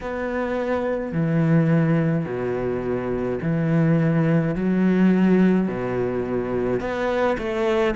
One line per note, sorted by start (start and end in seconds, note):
0.01 1.12 B3
1.12 2.25 E3
2.25 3.39 B2
3.42 4.55 E3
4.55 5.68 F#3
5.68 6.80 B2
6.80 7.36 B3
7.37 7.94 A3